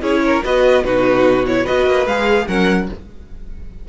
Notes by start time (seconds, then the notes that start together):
0.00 C#4 E4 G#4 C#5
0.26 A#4
0.44 B3 F#4 B4 D#5
0.84 B2 D#4 F#4 B4
1.46 E4 C#5
1.63 B3 F#4 B4 D#5
1.86 A#3
2.06 G#3 G#4 F5
2.47 F#3 C#4 A#4 F#5